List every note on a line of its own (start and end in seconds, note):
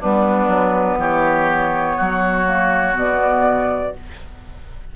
0.00 0.47 G3
0.00 2.45 B3
0.00 0.98 D4
0.00 1.00 B4
0.47 0.97 F#3
0.97 1.95 E3
0.97 1.96 G4
0.97 2.97 C#5
1.96 2.95 F#3
1.96 3.93 F#4
2.45 2.92 A#3
2.92 3.94 B2
2.92 3.90 B3
2.92 3.95 D5